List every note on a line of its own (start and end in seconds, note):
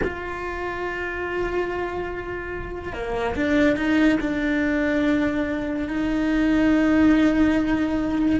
0.03 2.93 F4
2.93 3.35 A#3
3.35 3.76 D4
3.76 4.18 D#4
4.20 5.88 D4
5.88 8.40 D#4